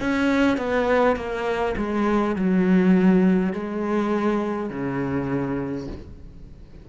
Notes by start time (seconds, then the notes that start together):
0.00 C#4
0.57 B3
1.16 A#3
1.76 G#3
2.35 F#3
3.52 G#3
4.70 C#3